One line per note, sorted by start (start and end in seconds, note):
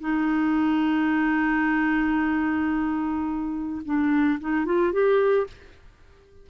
0.00 3.82 D#4
3.85 4.39 D4
4.40 4.65 D#4
4.65 4.92 F4
4.92 5.47 G4